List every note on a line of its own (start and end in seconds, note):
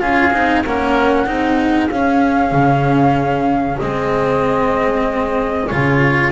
0.00 0.33 C#4
0.00 0.32 F4
0.00 0.64 G#4
0.00 0.63 F5
0.33 0.65 C4
0.33 0.65 D#4
0.65 1.27 A#3
0.65 1.26 C#4
0.65 1.27 A#4
0.65 1.90 F#5
1.26 1.90 C4
1.26 1.89 D#4
1.26 6.32 G#4
1.90 2.52 C#4
1.90 3.81 C#4
1.90 3.79 F5
2.52 3.78 C#3
3.79 5.71 G#3
3.79 5.71 C4
3.79 5.67 D#5
5.67 6.32 C#3
5.67 6.32 F4
5.67 6.31 C#5